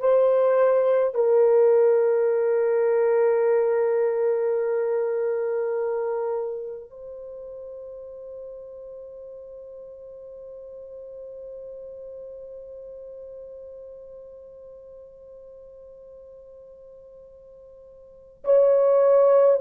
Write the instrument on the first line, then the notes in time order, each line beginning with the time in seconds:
horn
0.00 C5
1.15 A#4
6.90 C5
18.45 C#5